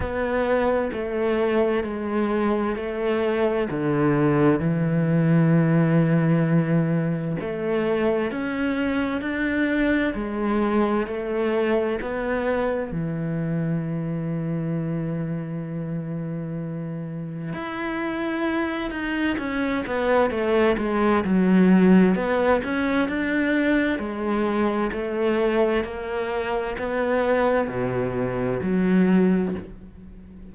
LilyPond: \new Staff \with { instrumentName = "cello" } { \time 4/4 \tempo 4 = 65 b4 a4 gis4 a4 | d4 e2. | a4 cis'4 d'4 gis4 | a4 b4 e2~ |
e2. e'4~ | e'8 dis'8 cis'8 b8 a8 gis8 fis4 | b8 cis'8 d'4 gis4 a4 | ais4 b4 b,4 fis4 | }